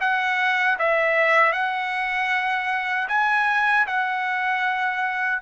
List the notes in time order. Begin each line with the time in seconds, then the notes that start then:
0.00 F#5
0.79 E5
1.52 F#5
3.08 G#5
3.87 F#5